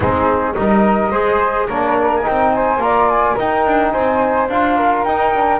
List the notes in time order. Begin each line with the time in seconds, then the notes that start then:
0.00 G#3 C4 D#4 G#4
0.54 G3 D#4 A#4 D#5
1.11 G#3 G#4 C5
1.67 A#3 D4 A#4 C#5
2.15 G#5
2.22 C4 D#4 G5
2.53 C5 G#5
2.77 A#3 F4 A#5
2.83 D5
3.09 G#5
3.34 D#4 A#4 G5
3.66 D4
3.91 C4 C5 G#5
4.48 D4 F4 F5
4.77 A#4
5.04 D#4 G5
5.34 D4